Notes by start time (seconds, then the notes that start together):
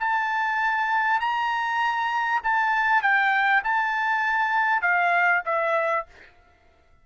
0.00 A5
1.20 A#5
2.44 A5
3.02 G5
3.64 A5
4.82 F5
5.45 E5